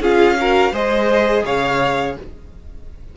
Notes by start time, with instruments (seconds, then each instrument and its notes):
0.00 cello C#4, viola F4, violin G#4 F5
0.37 viola F#4, violin A#4
0.72 cello G#3, viola G#4, violin C5 D#5
1.45 cello C#3, violin C#5 F5